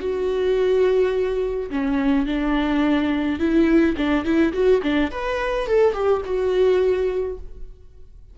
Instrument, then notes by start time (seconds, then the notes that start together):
viola
0.00 F#4
1.71 C#4
2.26 D4
3.39 E4
3.97 D4
4.25 E4
4.53 F#4
4.83 D4
5.11 B4
5.67 A4
5.94 G4
6.25 F#4